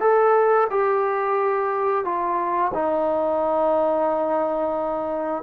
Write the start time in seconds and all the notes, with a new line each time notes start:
0.00 A4
0.70 G4
2.04 F4
2.74 D#4